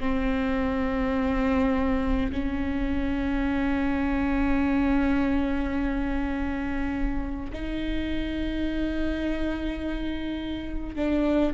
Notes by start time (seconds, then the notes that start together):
0.00 C4
2.32 C#4
7.53 D#4
10.96 D4